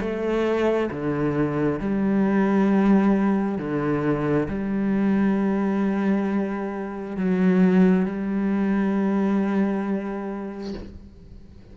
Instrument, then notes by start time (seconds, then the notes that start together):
cello
0.00 A3
0.90 D3
1.79 G3
3.58 D3
4.48 G3
7.16 F#3
8.05 G3